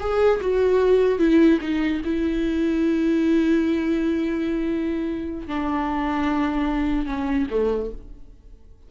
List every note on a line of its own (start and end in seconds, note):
0.00 0.41 G#4
0.41 1.19 F#4
1.19 1.59 E4
1.61 2.02 D#4
2.05 5.48 E4
5.48 7.07 D4
7.07 7.47 C#4
7.50 7.91 A3